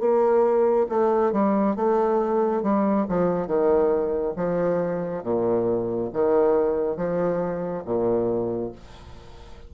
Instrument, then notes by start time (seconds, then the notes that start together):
bassoon
0.00 A#3
0.89 A3
1.32 G3
1.76 A3
2.63 G3
3.09 F3
3.47 D#3
4.36 F3
5.23 A#2
6.13 D#3
6.97 F3
7.85 A#2